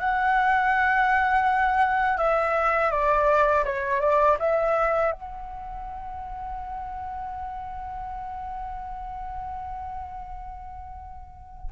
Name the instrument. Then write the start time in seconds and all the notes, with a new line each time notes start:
flute
0.00 F#5
2.18 E5
2.91 D5
3.65 C#5
4.01 D5
4.40 E5
5.12 F#5